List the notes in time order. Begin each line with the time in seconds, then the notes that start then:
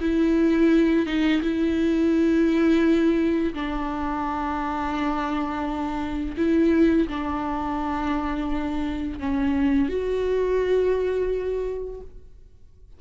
0.00 E4
1.06 D#4
1.41 E4
3.53 D4
6.37 E4
7.08 D4
9.19 C#4
9.89 F#4